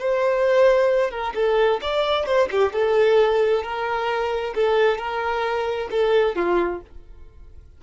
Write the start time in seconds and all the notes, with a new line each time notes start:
0.00 C5
1.11 A#4
1.35 A4
1.82 D5
2.26 C5
2.52 G4
2.73 A4
3.64 A#4
4.55 A4
4.98 A#4
5.91 A4
6.36 F4